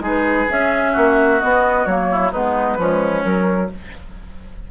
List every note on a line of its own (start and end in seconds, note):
0.00 0.46 G#3
0.00 0.47 D#4
0.00 0.92 G#4
0.07 0.51 B4
0.49 1.41 C#4
0.49 0.96 C#4
0.49 1.40 E5
0.92 1.42 A#3
0.92 2.07 F#4
1.40 1.86 B3
1.40 1.85 D#5
1.85 2.32 F#3
1.85 2.33 A#3
1.85 2.31 C#5
2.11 2.31 E4
2.31 2.78 G#3
2.31 2.79 B3
2.31 2.77 D#4
2.31 3.24 B4
2.78 3.23 F3
2.78 3.24 G#3
2.78 3.71 C#4
3.24 3.70 F#3
3.24 3.69 A#4